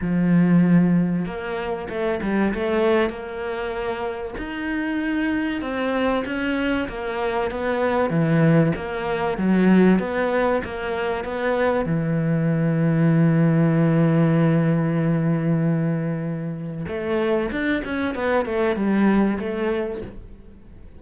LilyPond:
\new Staff \with { instrumentName = "cello" } { \time 4/4 \tempo 4 = 96 f2 ais4 a8 g8 | a4 ais2 dis'4~ | dis'4 c'4 cis'4 ais4 | b4 e4 ais4 fis4 |
b4 ais4 b4 e4~ | e1~ | e2. a4 | d'8 cis'8 b8 a8 g4 a4 | }